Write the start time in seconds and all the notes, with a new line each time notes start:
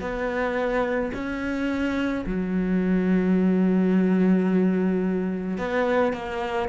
0.00 B3
1.13 C#4
2.26 F#3
5.58 B3
6.13 A#3